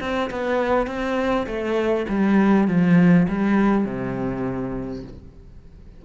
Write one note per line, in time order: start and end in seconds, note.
0.00 0.30 C4
0.30 0.87 B3
0.87 1.46 C4
1.46 2.06 A3
2.09 2.68 G3
2.68 3.27 F3
3.28 3.85 G3
3.85 5.04 C3